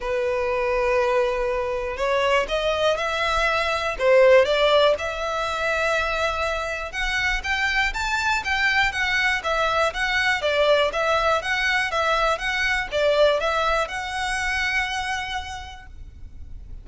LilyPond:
\new Staff \with { instrumentName = "violin" } { \time 4/4 \tempo 4 = 121 b'1 | cis''4 dis''4 e''2 | c''4 d''4 e''2~ | e''2 fis''4 g''4 |
a''4 g''4 fis''4 e''4 | fis''4 d''4 e''4 fis''4 | e''4 fis''4 d''4 e''4 | fis''1 | }